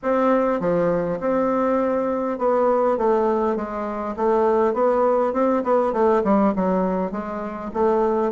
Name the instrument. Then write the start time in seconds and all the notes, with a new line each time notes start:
bassoon
0.02 C4
0.59 F3
1.20 C4
2.38 B3
2.97 A3
3.55 G#3
4.16 A3
4.73 B3
5.33 C4
5.63 B3
5.92 A3
6.23 G3
6.55 F#3
7.11 G#3
7.73 A3